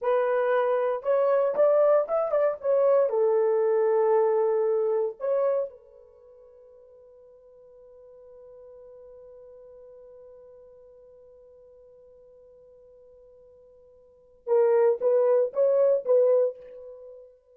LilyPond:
\new Staff \with { instrumentName = "horn" } { \time 4/4 \tempo 4 = 116 b'2 cis''4 d''4 | e''8 d''8 cis''4 a'2~ | a'2 cis''4 b'4~ | b'1~ |
b'1~ | b'1~ | b'1 | ais'4 b'4 cis''4 b'4 | }